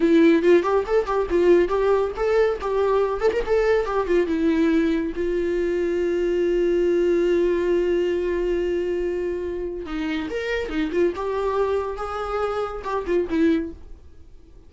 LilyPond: \new Staff \with { instrumentName = "viola" } { \time 4/4 \tempo 4 = 140 e'4 f'8 g'8 a'8 g'8 f'4 | g'4 a'4 g'4. a'16 ais'16 | a'4 g'8 f'8 e'2 | f'1~ |
f'1~ | f'2. dis'4 | ais'4 dis'8 f'8 g'2 | gis'2 g'8 f'8 e'4 | }